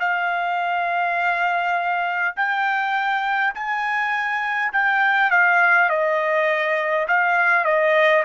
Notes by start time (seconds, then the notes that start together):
0.00 F5
2.36 G5
3.55 G#5
4.73 G5
5.31 F5
5.90 D#5
7.08 F5
7.65 D#5